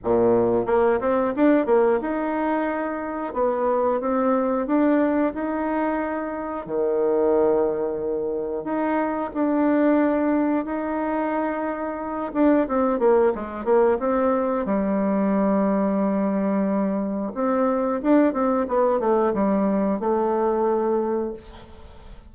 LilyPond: \new Staff \with { instrumentName = "bassoon" } { \time 4/4 \tempo 4 = 90 ais,4 ais8 c'8 d'8 ais8 dis'4~ | dis'4 b4 c'4 d'4 | dis'2 dis2~ | dis4 dis'4 d'2 |
dis'2~ dis'8 d'8 c'8 ais8 | gis8 ais8 c'4 g2~ | g2 c'4 d'8 c'8 | b8 a8 g4 a2 | }